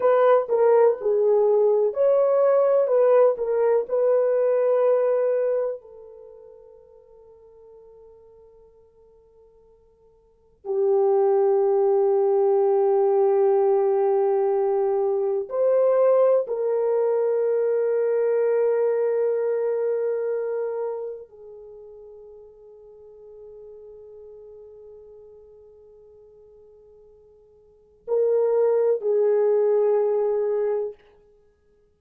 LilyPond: \new Staff \with { instrumentName = "horn" } { \time 4/4 \tempo 4 = 62 b'8 ais'8 gis'4 cis''4 b'8 ais'8 | b'2 a'2~ | a'2. g'4~ | g'1 |
c''4 ais'2.~ | ais'2 gis'2~ | gis'1~ | gis'4 ais'4 gis'2 | }